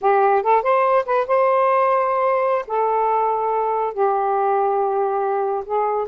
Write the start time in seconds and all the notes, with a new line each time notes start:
0.01 G4
0.42 A4
0.62 C5
1.05 B4
1.27 C5
2.67 A4
3.93 G4
5.65 G#4